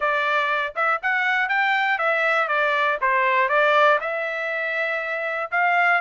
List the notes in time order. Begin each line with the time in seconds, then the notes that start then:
0.00 D5
0.75 E5
1.02 F#5
1.49 G5
1.98 E5
2.48 D5
3.01 C5
3.48 D5
4.00 E5
5.51 F5